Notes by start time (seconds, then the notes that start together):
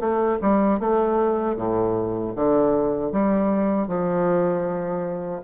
0.00 A3
0.41 G3
0.79 A3
1.56 A2
2.36 D3
3.12 G3
3.87 F3